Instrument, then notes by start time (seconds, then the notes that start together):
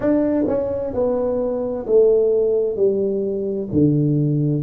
tuba
0.00 D4
0.47 C#4
0.93 B3
1.86 A3
2.76 G3
3.72 D3